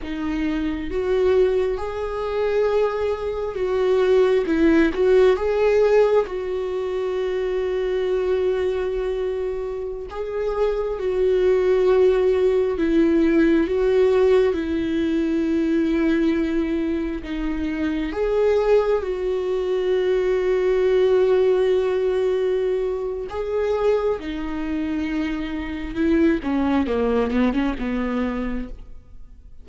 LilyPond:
\new Staff \with { instrumentName = "viola" } { \time 4/4 \tempo 4 = 67 dis'4 fis'4 gis'2 | fis'4 e'8 fis'8 gis'4 fis'4~ | fis'2.~ fis'16 gis'8.~ | gis'16 fis'2 e'4 fis'8.~ |
fis'16 e'2. dis'8.~ | dis'16 gis'4 fis'2~ fis'8.~ | fis'2 gis'4 dis'4~ | dis'4 e'8 cis'8 ais8 b16 cis'16 b4 | }